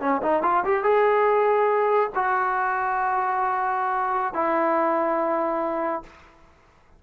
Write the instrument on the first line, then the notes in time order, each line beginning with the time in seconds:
trombone
0.00 C#4
0.22 D#4
0.42 F4
0.65 G4
0.83 G#4
2.15 F#4
4.33 E4